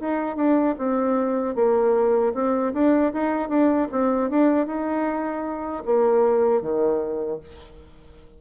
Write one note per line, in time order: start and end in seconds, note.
0.00 0.36 D#4
0.36 0.75 D4
0.78 1.55 C4
1.55 2.33 A#3
2.34 2.73 C4
2.73 3.12 D4
3.13 3.49 D#4
3.49 3.87 D4
3.92 4.30 C4
4.30 4.66 D4
4.66 5.83 D#4
5.86 6.62 A#3
6.62 7.40 D#3